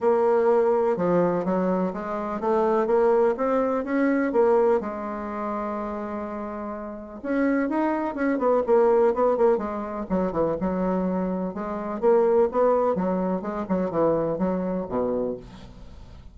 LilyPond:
\new Staff \with { instrumentName = "bassoon" } { \time 4/4 \tempo 4 = 125 ais2 f4 fis4 | gis4 a4 ais4 c'4 | cis'4 ais4 gis2~ | gis2. cis'4 |
dis'4 cis'8 b8 ais4 b8 ais8 | gis4 fis8 e8 fis2 | gis4 ais4 b4 fis4 | gis8 fis8 e4 fis4 b,4 | }